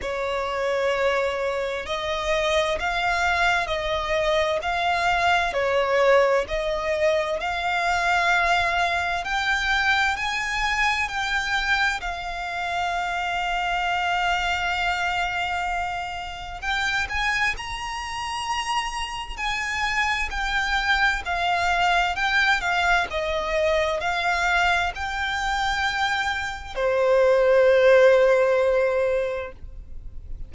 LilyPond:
\new Staff \with { instrumentName = "violin" } { \time 4/4 \tempo 4 = 65 cis''2 dis''4 f''4 | dis''4 f''4 cis''4 dis''4 | f''2 g''4 gis''4 | g''4 f''2.~ |
f''2 g''8 gis''8 ais''4~ | ais''4 gis''4 g''4 f''4 | g''8 f''8 dis''4 f''4 g''4~ | g''4 c''2. | }